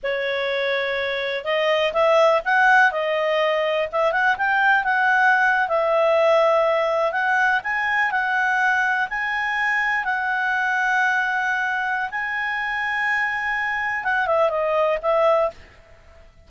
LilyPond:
\new Staff \with { instrumentName = "clarinet" } { \time 4/4 \tempo 4 = 124 cis''2. dis''4 | e''4 fis''4 dis''2 | e''8 fis''8 g''4 fis''4.~ fis''16 e''16~ | e''2~ e''8. fis''4 gis''16~ |
gis''8. fis''2 gis''4~ gis''16~ | gis''8. fis''2.~ fis''16~ | fis''4 gis''2.~ | gis''4 fis''8 e''8 dis''4 e''4 | }